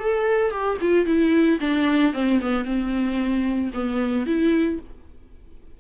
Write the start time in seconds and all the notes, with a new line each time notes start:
0.00 A4
0.51 G4
0.81 F4
1.06 E4
1.60 D4
2.14 C4
2.41 B3
2.65 C4
3.74 B3
4.26 E4